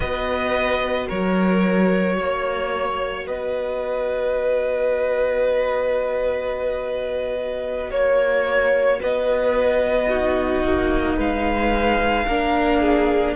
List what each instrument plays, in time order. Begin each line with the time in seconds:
0.00 cello B3, viola F#4, violin B4 D#5
1.06 cello F#3, violin A#4 C#5
2.18 cello A#3, violin C#5
3.26 cello B3, violin B4 D#5
7.90 cello A#3, violin C#5
9.00 cello B3, violin B4 D#5
10.08 viola D#4, violin F#4
10.63 cello A#3
11.16 cello G#3, violin B4 F5
12.27 cello A#3, viola D4, violin A#4
12.81 violin G#4